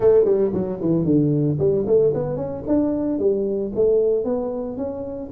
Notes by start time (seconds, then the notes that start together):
0.00 A3
0.25 G3
0.53 F#3
0.81 E3
1.04 D3
1.58 G3
1.86 A3
2.14 B3
2.36 C#4
2.67 D4
3.19 G3
3.75 A3
4.24 B3
4.77 C#4